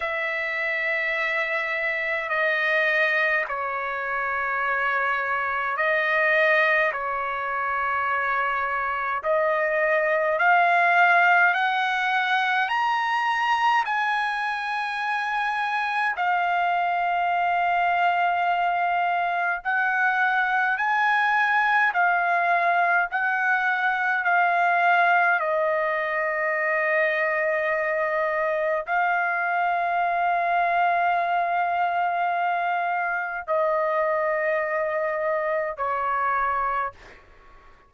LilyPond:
\new Staff \with { instrumentName = "trumpet" } { \time 4/4 \tempo 4 = 52 e''2 dis''4 cis''4~ | cis''4 dis''4 cis''2 | dis''4 f''4 fis''4 ais''4 | gis''2 f''2~ |
f''4 fis''4 gis''4 f''4 | fis''4 f''4 dis''2~ | dis''4 f''2.~ | f''4 dis''2 cis''4 | }